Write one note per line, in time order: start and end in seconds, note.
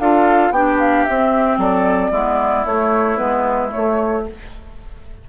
0.00 0.51 D4
0.00 0.54 F4
0.00 0.53 A4
0.00 0.52 F5
0.51 1.04 B3
0.51 1.08 D4
0.51 1.59 G4
0.51 0.79 G5
0.79 1.05 F5
1.05 2.13 C4
1.05 1.57 C4
1.05 1.58 E5
1.57 2.11 F#3
1.57 2.11 A4
1.57 2.65 D5
2.11 2.65 G#3
2.11 2.66 B3
2.11 4.24 E4
2.65 3.19 A3
2.65 3.17 A3
2.65 3.17 C#5
3.17 3.72 G#3
3.17 3.68 B3
3.17 3.70 B4
3.68 4.22 A3
3.68 4.25 C#5
3.76 4.29 A3